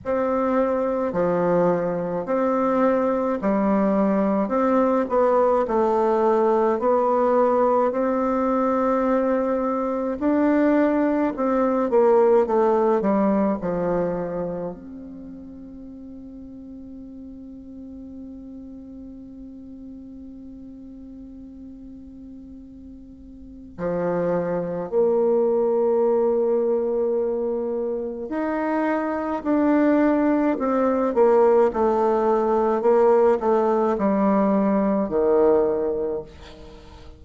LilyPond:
\new Staff \with { instrumentName = "bassoon" } { \time 4/4 \tempo 4 = 53 c'4 f4 c'4 g4 | c'8 b8 a4 b4 c'4~ | c'4 d'4 c'8 ais8 a8 g8 | f4 c'2.~ |
c'1~ | c'4 f4 ais2~ | ais4 dis'4 d'4 c'8 ais8 | a4 ais8 a8 g4 dis4 | }